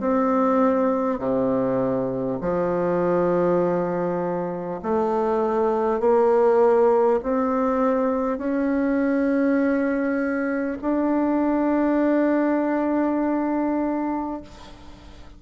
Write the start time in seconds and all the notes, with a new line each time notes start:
0.00 C4
1.18 C3
2.41 F3
4.82 A3
5.99 A#3
7.22 C4
8.37 C#4
10.81 D4